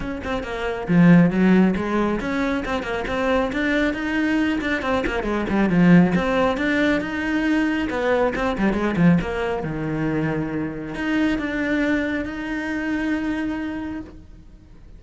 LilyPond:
\new Staff \with { instrumentName = "cello" } { \time 4/4 \tempo 4 = 137 cis'8 c'8 ais4 f4 fis4 | gis4 cis'4 c'8 ais8 c'4 | d'4 dis'4. d'8 c'8 ais8 | gis8 g8 f4 c'4 d'4 |
dis'2 b4 c'8 g8 | gis8 f8 ais4 dis2~ | dis4 dis'4 d'2 | dis'1 | }